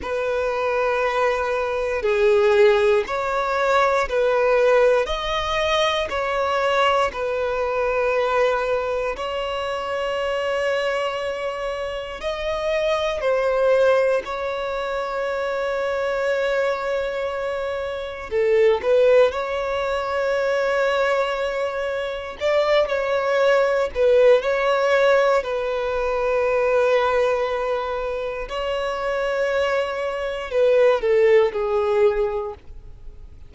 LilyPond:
\new Staff \with { instrumentName = "violin" } { \time 4/4 \tempo 4 = 59 b'2 gis'4 cis''4 | b'4 dis''4 cis''4 b'4~ | b'4 cis''2. | dis''4 c''4 cis''2~ |
cis''2 a'8 b'8 cis''4~ | cis''2 d''8 cis''4 b'8 | cis''4 b'2. | cis''2 b'8 a'8 gis'4 | }